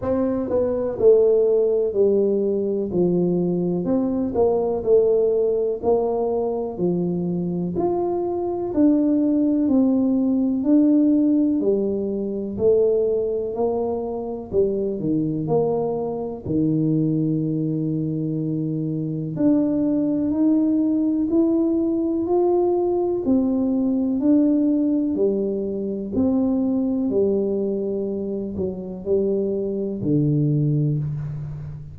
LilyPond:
\new Staff \with { instrumentName = "tuba" } { \time 4/4 \tempo 4 = 62 c'8 b8 a4 g4 f4 | c'8 ais8 a4 ais4 f4 | f'4 d'4 c'4 d'4 | g4 a4 ais4 g8 dis8 |
ais4 dis2. | d'4 dis'4 e'4 f'4 | c'4 d'4 g4 c'4 | g4. fis8 g4 d4 | }